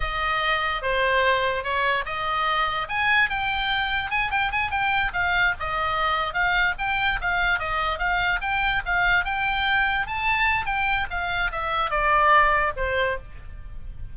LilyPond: \new Staff \with { instrumentName = "oboe" } { \time 4/4 \tempo 4 = 146 dis''2 c''2 | cis''4 dis''2 gis''4 | g''2 gis''8 g''8 gis''8 g''8~ | g''8 f''4 dis''2 f''8~ |
f''8 g''4 f''4 dis''4 f''8~ | f''8 g''4 f''4 g''4.~ | g''8 a''4. g''4 f''4 | e''4 d''2 c''4 | }